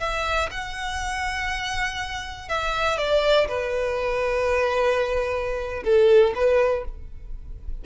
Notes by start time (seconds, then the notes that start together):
0.00 E5
0.51 F#5
2.49 E5
2.98 D5
3.48 B4
5.84 A4
6.35 B4